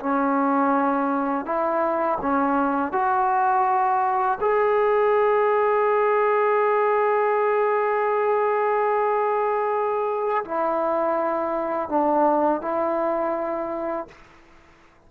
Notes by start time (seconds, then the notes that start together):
0.00 C#4
1.45 E4
2.22 C#4
2.92 F#4
4.41 G#4
10.45 E4
11.89 D4
12.62 E4